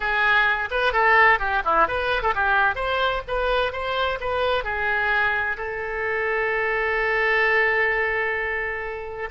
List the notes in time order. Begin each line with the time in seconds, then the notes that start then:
0.00 G#4
0.70 B4
0.93 A4
1.39 G4
1.64 E4
1.87 B4
2.22 A4
2.34 G4
2.75 C5
3.27 B4
3.72 C5
4.20 B4
4.64 G#4
5.57 A4